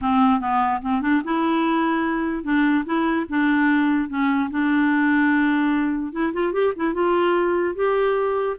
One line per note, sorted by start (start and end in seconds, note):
0.01 0.40 C4
0.40 0.81 B3
0.81 1.01 C4
1.01 1.22 D4
1.24 2.43 E4
2.43 2.84 D4
2.85 3.26 E4
3.29 4.08 D4
4.08 4.49 C#4
4.50 6.12 D4
6.12 6.32 E4
6.33 6.52 F4
6.52 6.73 G4
6.76 6.93 E4
6.93 7.75 F4
7.75 8.56 G4